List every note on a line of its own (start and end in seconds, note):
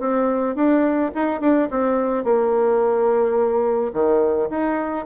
0.00 0.56 C4
0.56 1.12 D4
1.15 1.41 D#4
1.41 1.69 D4
1.71 2.24 C4
2.24 3.93 A#3
3.93 4.49 D#3
4.50 5.06 D#4